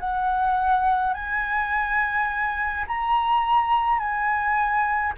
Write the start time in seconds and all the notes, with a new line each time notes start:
0.00 F#5
1.14 G#5
2.88 A#5
3.99 G#5